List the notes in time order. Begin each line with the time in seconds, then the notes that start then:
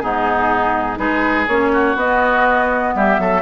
0.00 G#2 B3 D#4 G#4
0.97 G#3 D#4 G#4 B4
1.48 A#3 C#4 C#5
1.72 F#4
1.95 B3 D#5
2.95 G3 G4 E5
3.19 F#3 A4